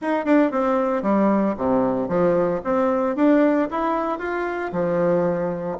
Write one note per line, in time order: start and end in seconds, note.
0.01 0.25 D#4
0.25 0.51 D4
0.51 1.02 C4
1.02 1.55 G3
1.57 2.08 C3
2.08 2.61 F3
2.63 3.16 C4
3.16 3.68 D4
3.70 4.18 E4
4.18 4.71 F4
4.72 5.77 F3